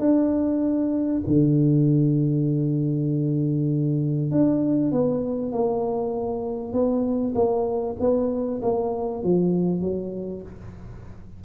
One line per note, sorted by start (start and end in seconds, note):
0.00 1.22 D4
1.27 4.31 D3
4.31 4.92 D4
4.92 5.52 B3
5.52 6.73 A#3
6.73 7.34 B3
7.35 7.96 A#3
8.00 8.62 B3
8.62 9.23 A#3
9.23 9.81 F3
9.81 10.42 F#3